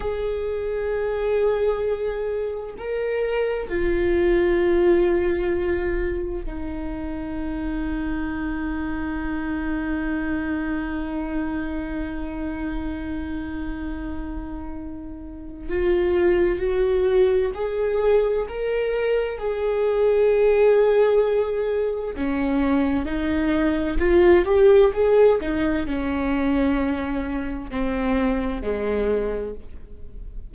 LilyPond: \new Staff \with { instrumentName = "viola" } { \time 4/4 \tempo 4 = 65 gis'2. ais'4 | f'2. dis'4~ | dis'1~ | dis'1~ |
dis'4 f'4 fis'4 gis'4 | ais'4 gis'2. | cis'4 dis'4 f'8 g'8 gis'8 dis'8 | cis'2 c'4 gis4 | }